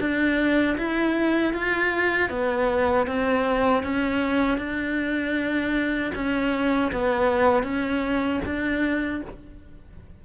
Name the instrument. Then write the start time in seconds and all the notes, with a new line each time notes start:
cello
0.00 D4
0.78 E4
1.54 F4
2.30 B3
3.07 C4
3.83 C#4
4.58 D4
6.15 C#4
6.92 B3
7.63 C#4
8.45 D4